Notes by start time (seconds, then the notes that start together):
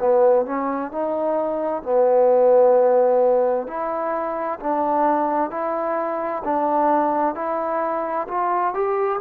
0.00 B3
0.46 C#4
0.91 D#4
1.83 B3
3.67 E4
4.60 D4
5.50 E4
6.44 D4
7.35 E4
8.28 F4
8.74 G4